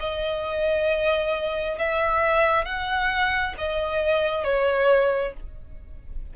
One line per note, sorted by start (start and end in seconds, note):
0.00 1.79 D#5
1.79 2.65 E5
2.65 3.55 F#5
3.58 4.44 D#5
4.44 5.34 C#5